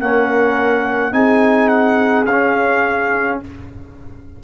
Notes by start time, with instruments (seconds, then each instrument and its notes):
0.00 tuba A#3, trombone C#4, horn A#4, trumpet F#5
1.12 tuba C4, trombone D#4, horn G#4, trumpet G#5
1.69 trumpet F#5
2.25 tuba C#4, trombone C#4, trumpet F5